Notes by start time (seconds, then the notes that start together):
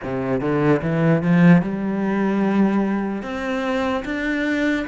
0.03 C3
0.40 D3
0.81 E3
1.22 F3
1.62 G3
3.22 C4
4.04 D4